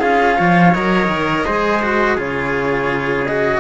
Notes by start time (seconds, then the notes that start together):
0.00 C#4 F4 G#4 F5
0.36 F3 C#5
0.74 F#3 A#4 D#5
1.08 D#3
1.46 G#3 G#4 C5
1.82 F#4
2.15 C#3 F4 G#4 C#5
3.26 F#4 D#5